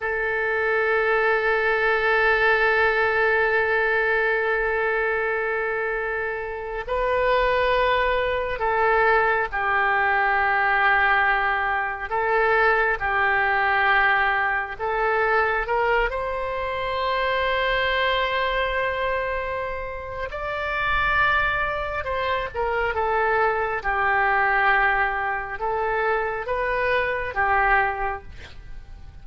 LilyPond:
\new Staff \with { instrumentName = "oboe" } { \time 4/4 \tempo 4 = 68 a'1~ | a'2.~ a'8. b'16~ | b'4.~ b'16 a'4 g'4~ g'16~ | g'4.~ g'16 a'4 g'4~ g'16~ |
g'8. a'4 ais'8 c''4.~ c''16~ | c''2. d''4~ | d''4 c''8 ais'8 a'4 g'4~ | g'4 a'4 b'4 g'4 | }